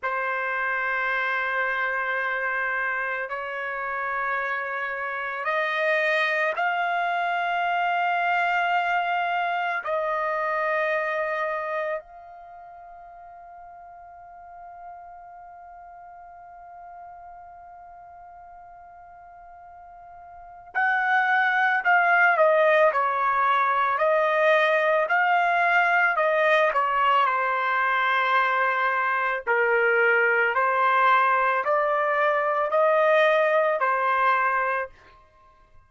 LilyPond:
\new Staff \with { instrumentName = "trumpet" } { \time 4/4 \tempo 4 = 55 c''2. cis''4~ | cis''4 dis''4 f''2~ | f''4 dis''2 f''4~ | f''1~ |
f''2. fis''4 | f''8 dis''8 cis''4 dis''4 f''4 | dis''8 cis''8 c''2 ais'4 | c''4 d''4 dis''4 c''4 | }